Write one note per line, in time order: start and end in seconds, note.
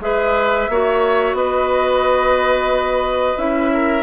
0.00 0.67 G#3
0.00 0.69 G#4
0.00 0.71 B4
0.00 1.35 E5
0.69 1.33 A#3
0.69 3.37 F#4
0.69 1.36 C#5
1.33 3.36 B3
1.33 3.72 B4
1.33 3.37 D#5
3.37 4.03 C#4
3.37 4.03 E4
3.37 4.03 E5
3.73 4.03 A#4